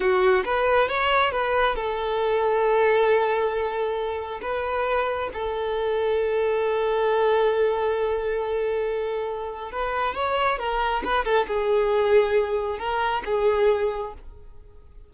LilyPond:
\new Staff \with { instrumentName = "violin" } { \time 4/4 \tempo 4 = 136 fis'4 b'4 cis''4 b'4 | a'1~ | a'2 b'2 | a'1~ |
a'1~ | a'2 b'4 cis''4 | ais'4 b'8 a'8 gis'2~ | gis'4 ais'4 gis'2 | }